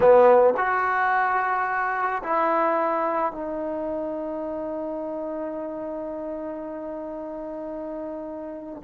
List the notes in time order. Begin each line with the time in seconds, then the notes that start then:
0.00 B3
0.57 F#4
2.23 E4
3.32 D#4